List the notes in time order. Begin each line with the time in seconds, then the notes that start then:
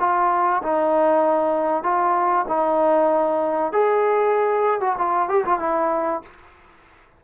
0.00 F4
0.63 D#4
1.84 F4
2.49 D#4
3.73 G#4
4.81 F#4
4.98 F4
5.29 G4
5.45 F4
5.60 E4